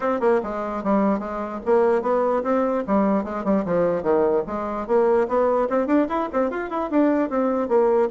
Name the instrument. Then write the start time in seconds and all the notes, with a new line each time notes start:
bassoon
0.00 C4
0.20 A#3
0.43 G#3
0.83 G3
1.19 G#3
1.65 A#3
2.02 B3
2.43 C4
2.87 G3
3.24 G#3
3.44 G3
3.65 F3
4.02 D#3
4.46 G#3
4.87 A#3
5.28 B3
5.69 C4
5.87 D4
6.08 E4
6.32 C4
6.50 F4
6.70 E4
6.90 D4
7.29 C4
7.68 A#3